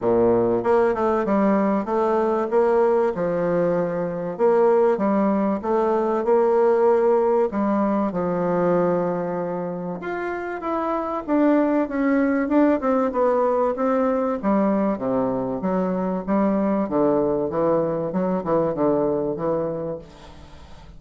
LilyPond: \new Staff \with { instrumentName = "bassoon" } { \time 4/4 \tempo 4 = 96 ais,4 ais8 a8 g4 a4 | ais4 f2 ais4 | g4 a4 ais2 | g4 f2. |
f'4 e'4 d'4 cis'4 | d'8 c'8 b4 c'4 g4 | c4 fis4 g4 d4 | e4 fis8 e8 d4 e4 | }